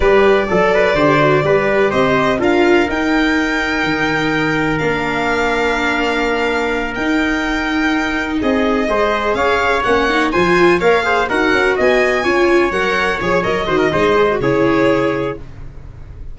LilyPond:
<<
  \new Staff \with { instrumentName = "violin" } { \time 4/4 \tempo 4 = 125 d''1 | dis''4 f''4 g''2~ | g''2 f''2~ | f''2~ f''8 g''4.~ |
g''4. dis''2 f''8~ | f''8 fis''4 gis''4 f''4 fis''8~ | fis''8 gis''2 fis''4 cis''8 | dis''2 cis''2 | }
  \new Staff \with { instrumentName = "trumpet" } { \time 4/4 b'4 a'8 b'8 c''4 b'4 | c''4 ais'2.~ | ais'1~ | ais'1~ |
ais'4. gis'4 c''4 cis''8~ | cis''4. c''4 cis''8 c''8 ais'8~ | ais'8 dis''4 cis''2~ cis''8~ | cis''8 c''16 ais'16 c''4 gis'2 | }
  \new Staff \with { instrumentName = "viola" } { \time 4/4 g'4 a'4 g'8 fis'8 g'4~ | g'4 f'4 dis'2~ | dis'2 d'2~ | d'2~ d'8 dis'4.~ |
dis'2~ dis'8 gis'4.~ | gis'8 cis'8 dis'8 f'4 ais'8 gis'8 fis'8~ | fis'4. f'4 ais'4 gis'8 | ais'8 fis'8 dis'8 gis'16 fis'16 e'2 | }
  \new Staff \with { instrumentName = "tuba" } { \time 4/4 g4 fis4 d4 g4 | c'4 d'4 dis'2 | dis2 ais2~ | ais2~ ais8 dis'4.~ |
dis'4. c'4 gis4 cis'8~ | cis'8 ais4 f4 ais4 dis'8 | cis'8 b4 cis'4 fis4 f8 | fis8 dis8 gis4 cis2 | }
>>